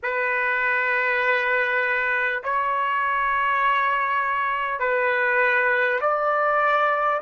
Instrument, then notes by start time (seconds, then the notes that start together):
trumpet
0.03 B4
2.43 C#5
4.79 B4
6.01 D5